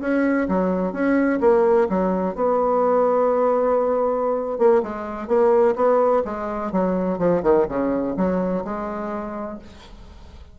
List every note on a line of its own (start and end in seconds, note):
0.00 0.47 C#4
0.48 0.92 F#3
0.92 1.40 C#4
1.40 1.87 A#3
1.89 2.35 F#3
2.35 4.58 B3
4.58 4.82 A#3
4.83 5.27 G#3
5.27 5.75 A#3
5.76 6.23 B3
6.25 6.72 G#3
6.72 7.18 F#3
7.18 7.42 F3
7.43 7.66 D#3
7.68 8.16 C#3
8.17 8.64 F#3
8.64 9.59 G#3